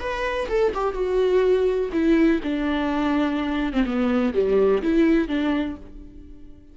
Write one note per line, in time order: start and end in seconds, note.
0.00 0.48 B4
0.49 0.73 A4
0.75 0.94 G4
0.94 1.90 F#4
1.93 2.41 E4
2.43 3.73 D4
3.73 3.85 C4
3.86 4.34 B3
4.34 4.82 G3
4.82 5.28 E4
5.28 5.76 D4